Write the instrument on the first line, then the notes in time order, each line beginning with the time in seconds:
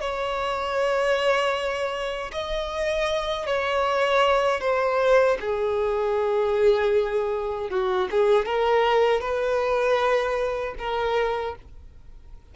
violin
0.00 C#5
2.32 D#5
3.46 C#5
4.60 C5
5.40 G#4
7.70 F#4
8.10 G#4
8.45 A#4
9.21 B4
10.78 A#4